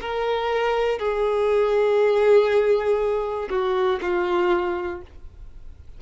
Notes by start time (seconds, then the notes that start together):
0.00 A#4
0.98 G#4
3.50 F#4
4.01 F4